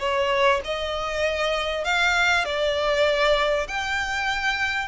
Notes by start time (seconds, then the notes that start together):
0.00 C#5
0.65 D#5
1.85 F5
2.45 D5
3.68 G5